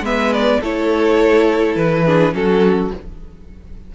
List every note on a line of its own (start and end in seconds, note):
0.00 0.58 G#3
0.00 0.62 B3
0.00 0.60 B4
0.00 0.33 E5
0.33 0.62 D5
0.60 1.75 A3
0.60 2.06 E4
0.60 2.05 A4
0.60 1.76 C#5
1.75 2.33 E3
1.75 2.33 B4
2.05 2.33 D4
2.05 2.33 G#4
2.33 2.91 F#3
2.33 2.90 C#4
2.33 2.95 F#4
2.33 2.92 A4